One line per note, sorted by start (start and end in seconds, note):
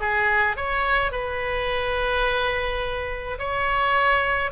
0.00 0.56 G#4
0.56 1.11 C#5
1.11 3.38 B4
3.39 4.51 C#5